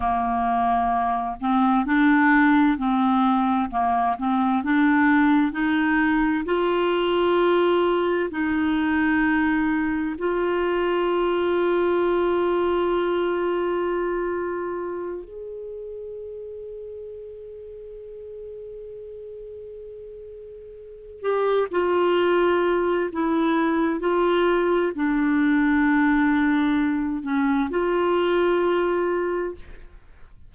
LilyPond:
\new Staff \with { instrumentName = "clarinet" } { \time 4/4 \tempo 4 = 65 ais4. c'8 d'4 c'4 | ais8 c'8 d'4 dis'4 f'4~ | f'4 dis'2 f'4~ | f'1~ |
f'8 gis'2.~ gis'8~ | gis'2. g'8 f'8~ | f'4 e'4 f'4 d'4~ | d'4. cis'8 f'2 | }